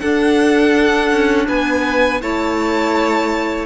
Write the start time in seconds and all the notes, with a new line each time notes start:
0.00 D4 A4 F#5
1.11 C#4
1.48 B3 B4 G#5
2.21 A3 E4 C#5 A5